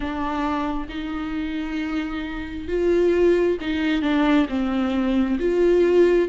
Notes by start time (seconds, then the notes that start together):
0.00 D4
0.88 D#4
2.68 F4
3.60 D#4
4.02 D4
4.49 C4
5.39 F4